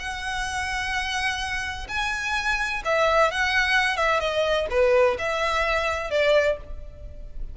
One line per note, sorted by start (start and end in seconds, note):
0.00 1.87 F#5
1.89 2.83 G#5
2.85 3.32 E5
3.32 3.97 F#5
3.97 4.20 E5
4.20 4.67 D#5
4.71 5.18 B4
5.19 6.10 E5
6.10 6.57 D5